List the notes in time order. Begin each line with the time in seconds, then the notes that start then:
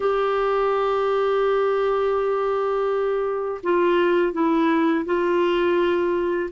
0.00 G4
3.63 F4
4.32 E4
5.05 F4